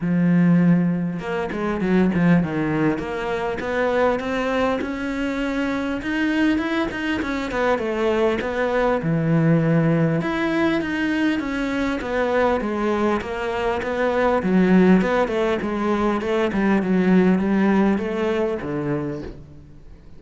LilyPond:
\new Staff \with { instrumentName = "cello" } { \time 4/4 \tempo 4 = 100 f2 ais8 gis8 fis8 f8 | dis4 ais4 b4 c'4 | cis'2 dis'4 e'8 dis'8 | cis'8 b8 a4 b4 e4~ |
e4 e'4 dis'4 cis'4 | b4 gis4 ais4 b4 | fis4 b8 a8 gis4 a8 g8 | fis4 g4 a4 d4 | }